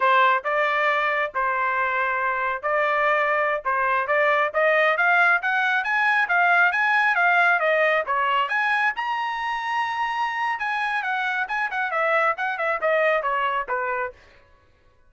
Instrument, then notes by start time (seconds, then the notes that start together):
trumpet
0.00 C5
0.44 D5
1.34 C5
2.62 D5
3.64 C5
4.07 D5
4.53 D#5
4.97 F5
5.42 F#5
5.84 G#5
6.28 F5
6.72 G#5
7.15 F5
7.59 D#5
8.06 C#5
8.48 G#5
8.96 A#5
10.59 G#5
11.02 F#5
11.48 G#5
11.70 F#5
11.91 E5
12.37 F#5
12.57 E5
12.81 D#5
13.22 C#5
13.68 B4